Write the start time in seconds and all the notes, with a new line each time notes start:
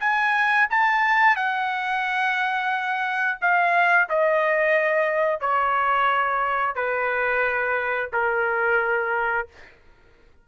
0.00 G#5
0.70 A5
1.36 F#5
3.41 F5
4.09 D#5
5.40 C#5
6.75 B4
8.13 A#4